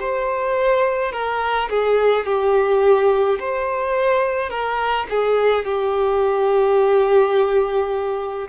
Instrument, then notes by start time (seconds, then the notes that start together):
violin
0.00 C5
1.13 A#4
1.70 G#4
2.26 G4
3.40 C5
4.50 A#4
5.10 G#4
5.66 G4